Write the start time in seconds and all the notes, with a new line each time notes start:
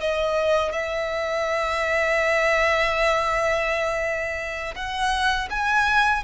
0.00 D#5
0.72 E5
4.75 F#5
5.50 G#5